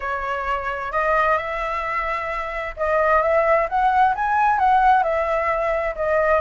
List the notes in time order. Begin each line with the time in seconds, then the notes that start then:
0.00 C#5
0.92 D#5
1.37 E5
2.76 D#5
3.21 E5
3.69 F#5
4.15 G#5
4.58 F#5
5.03 E5
5.95 D#5